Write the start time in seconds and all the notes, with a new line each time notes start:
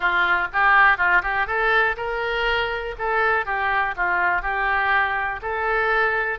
0.00 F4
0.52 G4
0.97 F4
1.22 G4
1.46 A4
1.96 A#4
2.98 A4
3.45 G4
3.96 F4
4.42 G4
5.41 A4